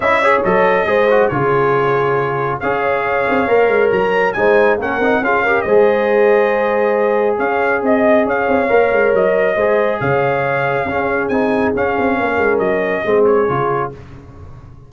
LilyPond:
<<
  \new Staff \with { instrumentName = "trumpet" } { \time 4/4 \tempo 4 = 138 e''4 dis''2 cis''4~ | cis''2 f''2~ | f''4 ais''4 gis''4 fis''4 | f''4 dis''2.~ |
dis''4 f''4 dis''4 f''4~ | f''4 dis''2 f''4~ | f''2 gis''4 f''4~ | f''4 dis''4. cis''4. | }
  \new Staff \with { instrumentName = "horn" } { \time 4/4 dis''8 cis''4. c''4 gis'4~ | gis'2 cis''2~ | cis''2 c''4 ais'4 | gis'8 ais'8 c''2.~ |
c''4 cis''4 dis''4 cis''4~ | cis''2 c''4 cis''4~ | cis''4 gis'2. | ais'2 gis'2 | }
  \new Staff \with { instrumentName = "trombone" } { \time 4/4 e'8 gis'8 a'4 gis'8 fis'8 f'4~ | f'2 gis'2 | ais'2 dis'4 cis'8 dis'8 | f'8 g'8 gis'2.~ |
gis'1 | ais'2 gis'2~ | gis'4 cis'4 dis'4 cis'4~ | cis'2 c'4 f'4 | }
  \new Staff \with { instrumentName = "tuba" } { \time 4/4 cis'4 fis4 gis4 cis4~ | cis2 cis'4. c'8 | ais8 gis8 fis4 gis4 ais8 c'8 | cis'4 gis2.~ |
gis4 cis'4 c'4 cis'8 c'8 | ais8 gis8 fis4 gis4 cis4~ | cis4 cis'4 c'4 cis'8 c'8 | ais8 gis8 fis4 gis4 cis4 | }
>>